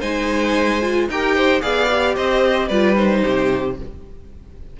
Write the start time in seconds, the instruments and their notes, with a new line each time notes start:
0.00 cello G#3, viola D#4, violin C5 G#5
0.82 viola F4
1.09 cello D#4, viola G4, violin A#4 G5
1.35 violin C5
1.62 cello B3, viola G#4, violin D5 F5
1.91 viola G4
2.16 cello C4, violin C5 D#5
2.68 cello G3, viola F4, violin B4 D5
2.96 viola D#4, violin C5
3.24 cello C3, violin G4